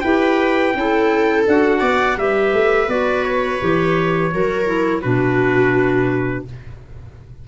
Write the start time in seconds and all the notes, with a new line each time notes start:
0.00 E4 G4 B4 G5
0.74 C#4 E4 A4
1.47 D4 F#4 F#5
1.79 B3 D5
2.17 G3 G4 B4 E5
2.53 A3
2.88 B3 F#4 D5
3.24 C#5
3.60 E3 G4
4.32 F#3 F#4 A#4
4.65 E4
5.01 B2 D4 F#4 B4